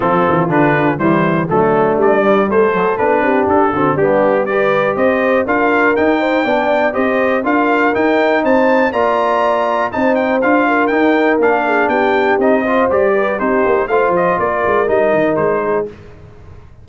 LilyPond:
<<
  \new Staff \with { instrumentName = "trumpet" } { \time 4/4 \tempo 4 = 121 a'4 b'4 c''4 a'4 | d''4 c''4 b'4 a'4 | g'4 d''4 dis''4 f''4 | g''2 dis''4 f''4 |
g''4 a''4 ais''2 | a''8 g''8 f''4 g''4 f''4 | g''4 dis''4 d''4 c''4 | f''8 dis''8 d''4 dis''4 c''4 | }
  \new Staff \with { instrumentName = "horn" } { \time 4/4 f'2 e'4 d'4~ | d'4 a'4. g'4 fis'8 | d'4 b'4 c''4 ais'4~ | ais'8 c''8 d''4 c''4 ais'4~ |
ais'4 c''4 d''2 | c''4. ais'2 gis'8 | g'4. c''4 b'8 g'4 | c''4 ais'2~ ais'8 gis'8 | }
  \new Staff \with { instrumentName = "trombone" } { \time 4/4 c'4 d'4 g4 a4~ | a8 g4 fis8 d'4. c'8 | b4 g'2 f'4 | dis'4 d'4 g'4 f'4 |
dis'2 f'2 | dis'4 f'4 dis'4 d'4~ | d'4 dis'8 f'8 g'4 dis'4 | f'2 dis'2 | }
  \new Staff \with { instrumentName = "tuba" } { \time 4/4 f8 e8 d4 e4 fis4 | g4 a4 b8 c'8 d'8 d8 | g2 c'4 d'4 | dis'4 b4 c'4 d'4 |
dis'4 c'4 ais2 | c'4 d'4 dis'4 ais4 | b4 c'4 g4 c'8 ais8 | a8 f8 ais8 gis8 g8 dis8 gis4 | }
>>